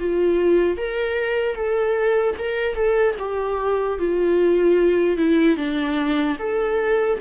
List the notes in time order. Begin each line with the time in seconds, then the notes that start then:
0.00 F4
0.78 A#4
1.56 A4
2.39 A#4
2.76 A4
3.19 G4
3.99 F4
5.18 E4
5.57 D4
6.39 A4